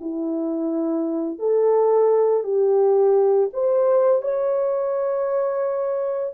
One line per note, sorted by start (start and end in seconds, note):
0.00 1.39 E4
1.39 2.44 A4
2.44 3.49 G4
3.53 4.22 C5
4.22 6.34 C#5